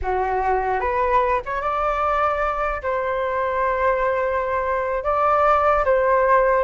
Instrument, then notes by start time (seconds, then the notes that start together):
flute
0.02 F#4
0.80 B4
1.45 C#5
1.61 D5
2.82 C5
5.03 D5
5.84 C5